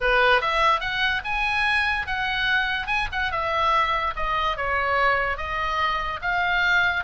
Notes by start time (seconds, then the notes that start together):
0.00 B4
0.41 E5
0.80 F#5
1.24 G#5
2.06 F#5
2.86 G#5
3.11 F#5
3.31 E5
4.16 D#5
4.56 C#5
5.37 D#5
6.21 F5